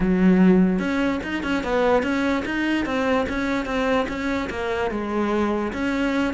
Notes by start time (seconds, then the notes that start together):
0.00 F#3
0.79 C#4
1.23 D#4
1.43 C#4
1.63 B3
2.03 C#4
2.45 D#4
2.85 C4
3.28 C#4
3.65 C4
4.08 C#4
4.50 A#3
4.91 G#3
5.72 C#4